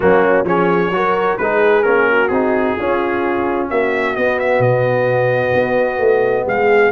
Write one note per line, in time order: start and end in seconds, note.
0.00 0.44 F#3
0.00 0.45 A#3
0.00 0.45 C#4
0.00 0.45 F#4
0.44 0.90 F3
0.44 0.91 C#4
0.44 0.92 G#4
0.44 1.37 C#5
0.90 1.36 F#3
0.90 1.39 F#4
0.90 1.40 A#4
1.37 1.85 G#3
1.37 1.83 D#4
1.37 2.10 G#4
1.37 1.82 B4
1.82 2.30 A#3
1.82 2.29 C#4
1.82 2.28 A#4
2.10 2.76 F#4
2.28 2.76 C4
2.28 2.78 D#4
2.28 3.66 G#4
2.76 4.16 C#4
2.76 3.70 C#4
2.76 3.68 F4
3.68 4.16 A#3
3.68 6.45 F#4
3.68 4.15 E5
4.15 6.91 B3
4.15 4.59 B3
4.15 4.39 D#5
4.39 4.62 E5
4.59 5.51 B2
4.59 6.46 D#5
5.54 5.98 B3
5.98 6.44 A3
6.46 6.91 G#3
6.46 6.91 G#4
6.46 6.91 F5